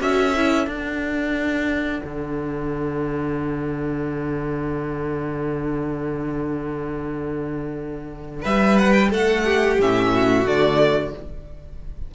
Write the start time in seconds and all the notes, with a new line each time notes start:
0.00 C#4 F#4 A4 E5
0.36 E4
0.67 D4 F#5
2.04 D3
8.42 G3 B4 E5
8.79 F#5
8.93 G5
9.11 A3 A4 F#5
9.45 G4
9.80 A2 C#4 E5
10.14 F#4
10.45 D3 A3 D5